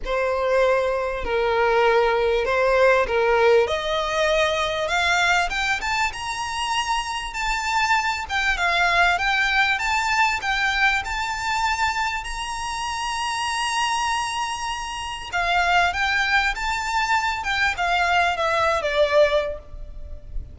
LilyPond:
\new Staff \with { instrumentName = "violin" } { \time 4/4 \tempo 4 = 98 c''2 ais'2 | c''4 ais'4 dis''2 | f''4 g''8 a''8 ais''2 | a''4. g''8 f''4 g''4 |
a''4 g''4 a''2 | ais''1~ | ais''4 f''4 g''4 a''4~ | a''8 g''8 f''4 e''8. d''4~ d''16 | }